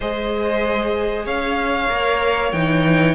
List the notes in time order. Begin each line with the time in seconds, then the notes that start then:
0.00 G#3 G#4 C5 D#5
1.25 C#4 C#5 F5
1.89 A#3 A#4
2.52 E3 D#4 G5